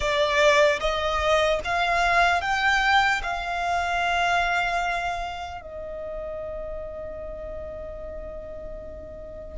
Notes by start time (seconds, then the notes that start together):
0.00 D5
0.80 D#5
1.64 F5
2.41 G5
3.23 F5
5.61 D#5